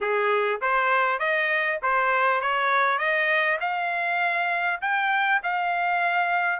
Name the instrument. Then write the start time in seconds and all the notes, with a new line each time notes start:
trumpet
0.01 G#4
0.61 C5
1.19 D#5
1.82 C5
2.41 C#5
2.98 D#5
3.60 F5
4.81 G5
5.43 F5